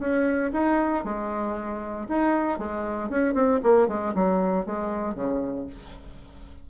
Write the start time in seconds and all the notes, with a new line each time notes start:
0.00 C#4
0.53 D#4
1.05 G#3
2.09 D#4
2.59 G#3
3.10 C#4
3.35 C4
3.63 A#3
3.88 G#3
4.15 F#3
4.66 G#3
5.15 C#3